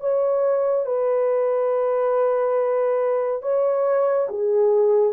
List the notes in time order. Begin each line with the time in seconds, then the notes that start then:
0.00 C#5
0.85 B4
3.42 C#5
4.29 G#4